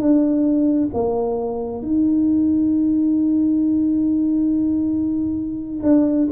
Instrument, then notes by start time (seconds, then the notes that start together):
tuba
0.00 D4
0.94 A#3
1.82 D#4
5.84 D4